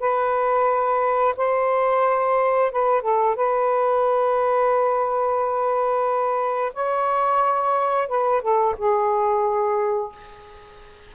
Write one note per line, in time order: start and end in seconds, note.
0.00 1.35 B4
1.37 2.72 C5
2.72 3.02 B4
3.02 3.36 A4
3.36 6.73 B4
6.74 8.08 C#5
8.08 8.42 B4
8.42 8.75 A4
8.78 10.12 G#4